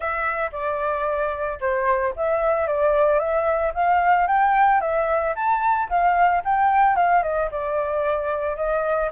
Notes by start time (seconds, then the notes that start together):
0.00 E5
0.52 D5
1.60 C5
2.16 E5
2.67 D5
3.19 E5
3.74 F5
4.27 G5
4.81 E5
5.35 A5
5.89 F5
6.44 G5
6.96 F5
7.22 D#5
7.51 D5
8.56 D#5